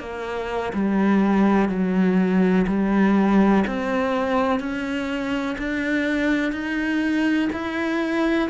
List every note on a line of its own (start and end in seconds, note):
0.00 0.73 A#3
0.74 1.69 G3
1.69 2.66 F#3
2.67 3.64 G3
3.67 4.60 C4
4.60 5.57 C#4
5.59 6.52 D4
6.52 7.49 D#4
7.53 8.49 E4